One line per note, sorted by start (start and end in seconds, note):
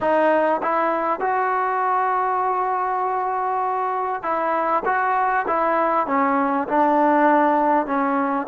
0.00 0.61 D#4
0.62 1.20 E4
1.20 4.22 F#4
4.22 4.83 E4
4.85 5.45 F#4
5.47 6.07 E4
6.07 6.67 C#4
6.67 7.86 D4
7.86 8.47 C#4